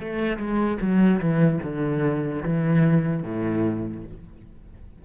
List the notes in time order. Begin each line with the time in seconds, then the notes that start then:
0.00 A3
0.37 G#3
0.81 F#3
1.19 E3
1.63 D3
2.43 E3
3.23 A2